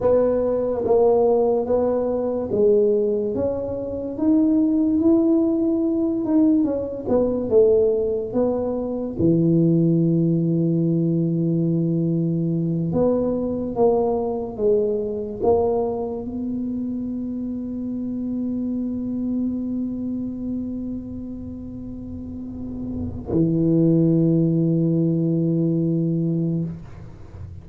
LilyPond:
\new Staff \with { instrumentName = "tuba" } { \time 4/4 \tempo 4 = 72 b4 ais4 b4 gis4 | cis'4 dis'4 e'4. dis'8 | cis'8 b8 a4 b4 e4~ | e2.~ e8 b8~ |
b8 ais4 gis4 ais4 b8~ | b1~ | b1 | e1 | }